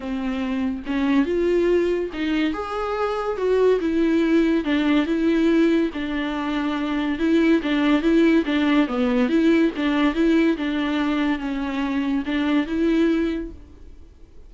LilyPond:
\new Staff \with { instrumentName = "viola" } { \time 4/4 \tempo 4 = 142 c'2 cis'4 f'4~ | f'4 dis'4 gis'2 | fis'4 e'2 d'4 | e'2 d'2~ |
d'4 e'4 d'4 e'4 | d'4 b4 e'4 d'4 | e'4 d'2 cis'4~ | cis'4 d'4 e'2 | }